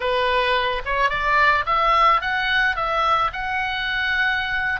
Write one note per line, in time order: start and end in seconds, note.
0.00 0.82 B4
0.85 1.09 C#5
1.09 1.64 D5
1.66 2.21 E5
2.21 2.75 F#5
2.75 3.31 E5
3.32 4.80 F#5